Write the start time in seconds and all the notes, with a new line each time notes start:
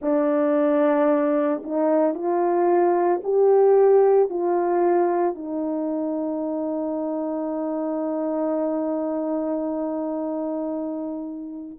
0.01 D4
1.63 D#4
2.14 F4
3.23 G4
4.29 F4
5.35 D#4